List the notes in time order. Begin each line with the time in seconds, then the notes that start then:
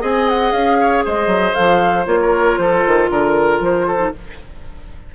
0.00 C4 G#4 D#5 G#5
0.29 F#5
0.52 C#4 F5
0.80 C#5
1.04 G#3 C5 D#5
1.26 F#3
1.53 F3 A4 F5
2.05 A#3 F4 C#5
2.21 A#4
2.57 F3 A4 C5
2.86 D#3
3.09 D3 A#4
3.60 F3 C5
3.87 A4
3.98 D#4